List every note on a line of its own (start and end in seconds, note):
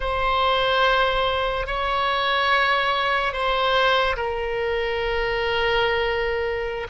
0.00 1.67 C5
1.67 3.33 C#5
3.33 4.16 C5
4.16 6.87 A#4